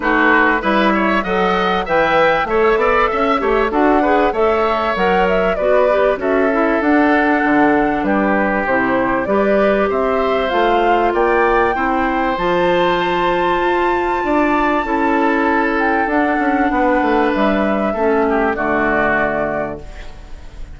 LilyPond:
<<
  \new Staff \with { instrumentName = "flute" } { \time 4/4 \tempo 4 = 97 b'4 e''4 fis''4 g''4 | e''2 fis''4 e''4 | fis''8 e''8 d''4 e''4 fis''4~ | fis''4 b'4 c''4 d''4 |
e''4 f''4 g''2 | a''1~ | a''4. g''8 fis''2 | e''2 d''2 | }
  \new Staff \with { instrumentName = "oboe" } { \time 4/4 fis'4 b'8 cis''8 dis''4 e''4 | cis''8 d''8 e''8 cis''8 a'8 b'8 cis''4~ | cis''4 b'4 a'2~ | a'4 g'2 b'4 |
c''2 d''4 c''4~ | c''2. d''4 | a'2. b'4~ | b'4 a'8 g'8 fis'2 | }
  \new Staff \with { instrumentName = "clarinet" } { \time 4/4 dis'4 e'4 a'4 b'4 | a'4. g'8 fis'8 gis'8 a'4 | ais'4 fis'8 g'8 fis'8 e'8 d'4~ | d'2 e'4 g'4~ |
g'4 f'2 e'4 | f'1 | e'2 d'2~ | d'4 cis'4 a2 | }
  \new Staff \with { instrumentName = "bassoon" } { \time 4/4 a4 g4 fis4 e4 | a8 b8 cis'8 a8 d'4 a4 | fis4 b4 cis'4 d'4 | d4 g4 c4 g4 |
c'4 a4 ais4 c'4 | f2 f'4 d'4 | cis'2 d'8 cis'8 b8 a8 | g4 a4 d2 | }
>>